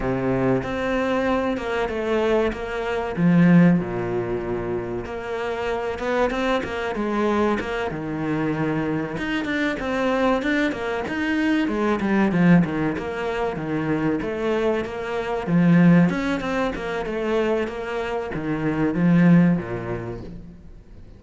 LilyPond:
\new Staff \with { instrumentName = "cello" } { \time 4/4 \tempo 4 = 95 c4 c'4. ais8 a4 | ais4 f4 ais,2 | ais4. b8 c'8 ais8 gis4 | ais8 dis2 dis'8 d'8 c'8~ |
c'8 d'8 ais8 dis'4 gis8 g8 f8 | dis8 ais4 dis4 a4 ais8~ | ais8 f4 cis'8 c'8 ais8 a4 | ais4 dis4 f4 ais,4 | }